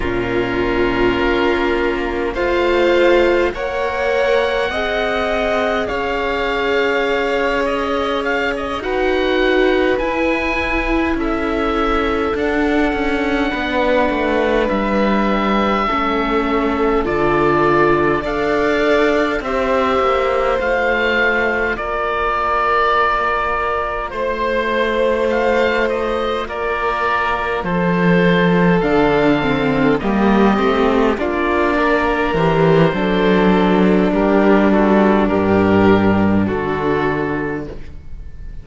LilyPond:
<<
  \new Staff \with { instrumentName = "oboe" } { \time 4/4 \tempo 4 = 51 ais'2 f''4 fis''4~ | fis''4 f''4. dis''8 f''16 dis''16 fis''8~ | fis''8 gis''4 e''4 fis''4.~ | fis''8 e''2 d''4 f''8~ |
f''8 e''4 f''4 d''4.~ | d''8 c''4 f''8 dis''8 d''4 c''8~ | c''8 f''4 dis''4 d''4 c''8~ | c''4 ais'8 a'8 ais'4 a'4 | }
  \new Staff \with { instrumentName = "violin" } { \time 4/4 f'2 c''4 cis''4 | dis''4 cis''2~ cis''8 b'8~ | b'4. a'2 b'8~ | b'4. a'2 d''8~ |
d''8 c''2 ais'4.~ | ais'8 c''2 ais'4 a'8~ | a'4. g'4 f'8 ais'4 | a'4 g'8 fis'8 g'4 fis'4 | }
  \new Staff \with { instrumentName = "viola" } { \time 4/4 cis'2 f'4 ais'4 | gis'2.~ gis'8 fis'8~ | fis'8 e'2 d'4.~ | d'4. cis'4 f'4 a'8~ |
a'8 g'4 f'2~ f'8~ | f'1~ | f'8 d'8 c'8 ais8 c'8 d'4 g'8 | d'1 | }
  \new Staff \with { instrumentName = "cello" } { \time 4/4 ais,4 ais4 a4 ais4 | c'4 cis'2~ cis'8 dis'8~ | dis'8 e'4 cis'4 d'8 cis'8 b8 | a8 g4 a4 d4 d'8~ |
d'8 c'8 ais8 a4 ais4.~ | ais8 a2 ais4 f8~ | f8 d4 g8 a8 ais4 e8 | fis4 g4 g,4 d4 | }
>>